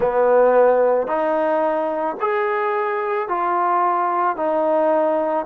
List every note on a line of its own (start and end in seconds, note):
0.00 1.07 B3
1.07 2.16 D#4
2.20 3.28 G#4
3.28 4.36 F4
4.36 5.45 D#4